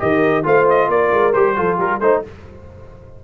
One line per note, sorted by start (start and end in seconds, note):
0.00 0.46 D#3
0.00 0.44 G4
0.00 0.46 A#4
0.00 0.45 D#5
0.44 0.89 A3
0.44 1.33 F4
0.44 0.90 C5
0.44 0.69 F5
0.70 0.91 D#5
0.89 1.11 A#3
0.89 1.57 A#4
0.89 1.34 D5
1.12 1.35 G#3
1.34 1.58 G3
1.34 1.57 G4
1.34 1.78 C5
1.57 1.79 F3
1.57 2.01 F4
1.57 1.78 A4
1.78 2.00 G3
1.78 2.00 G4
1.78 2.01 A#4
2.00 2.23 A3
2.00 2.25 D#4
2.00 2.23 C5
2.00 2.24 C5